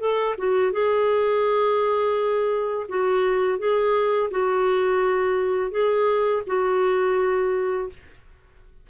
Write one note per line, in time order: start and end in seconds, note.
0.00 0.36 A4
0.38 0.73 F#4
0.73 2.87 G#4
2.89 3.59 F#4
3.59 4.31 G#4
4.31 5.71 F#4
5.71 6.43 G#4
6.47 7.90 F#4